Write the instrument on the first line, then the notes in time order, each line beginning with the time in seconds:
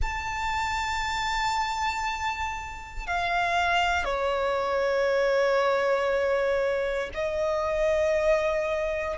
violin
0.01 A5
3.06 F5
4.04 C#5
7.14 D#5